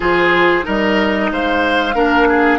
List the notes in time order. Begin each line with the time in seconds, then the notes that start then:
0.00 F3 F4 G#4 C5
0.62 G3 D#4 A#4 D#5
1.31 G#3 C5 F5
1.94 A#3 D4 A#4
2.28 G#4